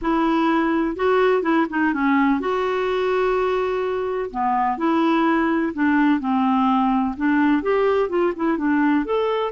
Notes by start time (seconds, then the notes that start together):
0.01 E4
0.96 F#4
1.42 E4
1.69 D#4
1.93 C#4
2.40 F#4
4.30 B3
4.77 E4
5.73 D4
6.20 C4
7.17 D4
7.62 G4
8.09 F4
8.35 E4
8.57 D4
9.05 A4